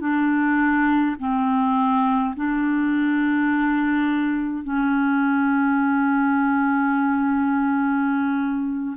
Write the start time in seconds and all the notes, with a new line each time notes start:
0.00 D4
1.19 C4
2.36 D4
4.64 C#4